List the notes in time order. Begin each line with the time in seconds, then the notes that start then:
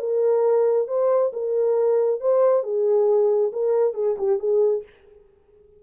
0.00 A#4
0.88 C5
1.33 A#4
2.21 C5
2.64 G#4
3.53 A#4
3.94 G#4
4.18 G4
4.39 G#4